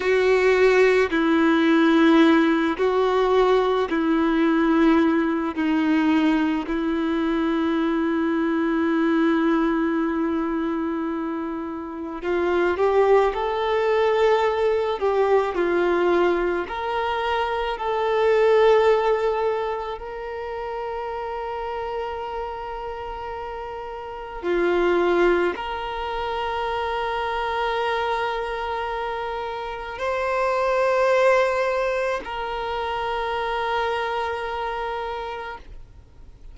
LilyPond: \new Staff \with { instrumentName = "violin" } { \time 4/4 \tempo 4 = 54 fis'4 e'4. fis'4 e'8~ | e'4 dis'4 e'2~ | e'2. f'8 g'8 | a'4. g'8 f'4 ais'4 |
a'2 ais'2~ | ais'2 f'4 ais'4~ | ais'2. c''4~ | c''4 ais'2. | }